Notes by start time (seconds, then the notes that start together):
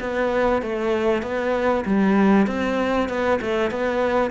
0.00 B3
0.62 A3
1.22 B3
1.85 G3
2.47 C4
3.08 B3
3.41 A3
3.70 B3